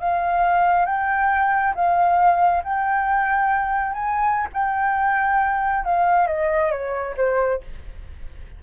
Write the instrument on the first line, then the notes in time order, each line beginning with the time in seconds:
flute
0.00 F5
0.85 G5
1.75 F5
2.64 G5
3.92 G#5
4.53 G5
5.85 F5
6.27 D#5
6.71 C#5
7.17 C5